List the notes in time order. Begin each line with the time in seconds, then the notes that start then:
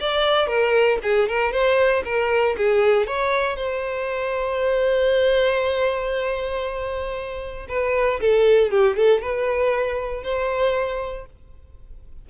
0.00 D5
0.47 A#4
1.03 G#4
1.28 A#4
1.52 C5
2.05 A#4
2.57 G#4
3.07 C#5
3.57 C5
7.69 B4
8.21 A4
8.71 G4
8.97 A4
9.22 B4
10.23 C5